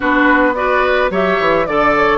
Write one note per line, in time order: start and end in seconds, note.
0.00 1.10 B3
0.00 0.54 D4
0.00 0.54 F#4
0.00 0.55 B4
0.55 1.10 F#4
0.55 1.11 B4
0.55 1.10 D5
1.10 1.38 F#3
1.10 1.66 G4
1.10 1.67 C#5
1.10 1.66 E5
1.40 1.67 E3
1.66 2.18 D3
1.66 2.18 A4
1.66 1.94 D5
1.66 2.18 D5
1.96 2.18 C#5